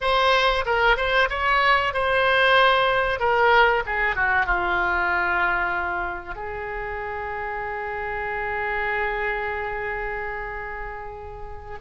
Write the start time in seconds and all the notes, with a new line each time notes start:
0.01 C5
0.65 A#4
0.97 C5
1.29 C#5
1.93 C5
3.19 A#4
3.86 G#4
4.15 F#4
4.46 F4
6.35 G#4